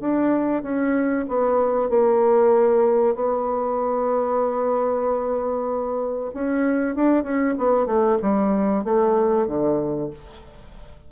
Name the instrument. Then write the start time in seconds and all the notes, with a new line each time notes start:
bassoon
0.00 D4
0.62 C#4
1.28 B3
1.89 A#3
3.15 B3
6.34 C#4
6.95 D4
7.23 C#4
7.58 B3
7.86 A3
8.22 G3
8.84 A3
9.47 D3